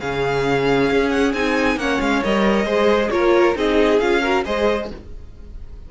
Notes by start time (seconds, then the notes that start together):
0.00 C#3 C#4 G#4 F5
0.91 C#4
1.10 F#5
1.34 C4 D#4 G#5
1.77 A#3 C#4 C#5 F#5
2.00 G#3 F5
2.24 G3 A#4 D#5
2.65 G#3 G#4 C5
3.10 A#3 F4 A#4 C#5
3.55 C4 D#4 G#4 D#5
4.00 C#4 F4 F5
4.22 F#4 A#4
4.45 G#3 G#4 C5 D#5